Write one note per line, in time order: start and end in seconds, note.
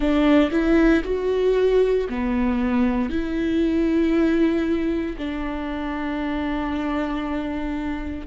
0.00 0.50 D4
0.51 1.03 E4
1.03 2.07 F#4
2.09 3.09 B3
3.09 5.16 E4
5.17 8.27 D4